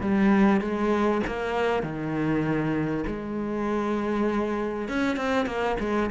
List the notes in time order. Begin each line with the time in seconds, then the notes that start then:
0.00 G3
0.61 G#3
1.26 A#3
1.82 D#3
3.07 G#3
4.88 C#4
5.16 C4
5.46 A#3
5.79 G#3